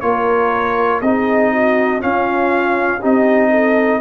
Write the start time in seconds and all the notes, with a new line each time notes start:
0.00 A#3 F4 A#4 C#5
1.01 C4 D#4 G#4 D#5
1.52 F#4
2.00 C#4 F4 F5
2.99 C4 D#4 G4 D#5
3.50 A4